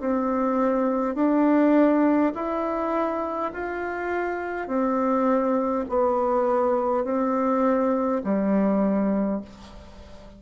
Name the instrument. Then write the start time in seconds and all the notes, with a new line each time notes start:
bassoon
0.00 C4
1.16 D4
2.35 E4
3.53 F4
4.68 C4
5.90 B3
7.05 C4
8.24 G3